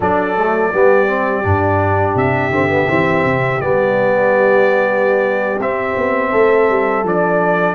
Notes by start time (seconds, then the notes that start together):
0.00 F#3 D4 A4 D5
0.37 A3
0.72 G3 B3 G4
1.07 C4
1.43 G2 D4
2.15 C3 E5
2.50 D3 C4
2.69 B3
2.88 E3 C4
3.24 C3
3.60 G3 B3 D5
5.59 C4 E5
5.96 B3
6.30 A3 A4
6.69 G3
7.03 F3 D4 D5